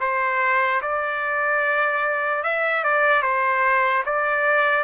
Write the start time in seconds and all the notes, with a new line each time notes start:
0.00 C5
0.82 D5
2.43 E5
2.83 D5
3.22 C5
4.05 D5